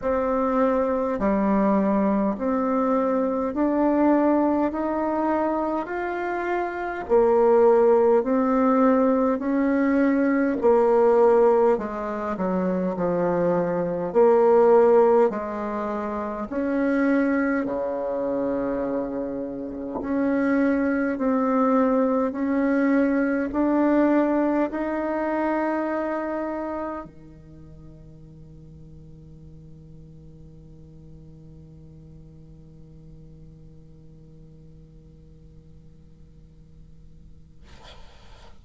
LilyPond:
\new Staff \with { instrumentName = "bassoon" } { \time 4/4 \tempo 4 = 51 c'4 g4 c'4 d'4 | dis'4 f'4 ais4 c'4 | cis'4 ais4 gis8 fis8 f4 | ais4 gis4 cis'4 cis4~ |
cis4 cis'4 c'4 cis'4 | d'4 dis'2 dis4~ | dis1~ | dis1 | }